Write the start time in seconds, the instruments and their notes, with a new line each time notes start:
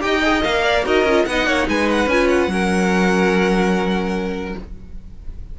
0.00 cello D#4, viola G4, violin D#5 G5
0.22 viola G#4
0.43 cello A#3, viola A#4, violin F5
0.64 violin D5
0.84 cello D#4, viola F#4, violin A#4 D#5
1.03 cello C#4, viola F4
1.25 cello B3, viola D#4, violin D#5 F#5
1.46 cello A#3, violin C#5
1.68 cello G#3, violin B4 G#5
1.90 violin F#5
2.06 cello C#4, viola F4, violin G#5
2.28 violin F#5
2.47 cello F#3, viola C#4, violin A#4